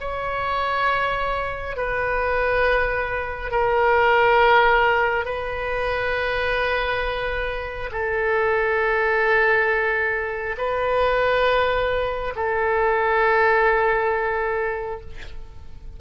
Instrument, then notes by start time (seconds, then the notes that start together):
oboe
0.00 C#5
1.76 B4
3.51 A#4
5.25 B4
7.91 A4
10.57 B4
12.35 A4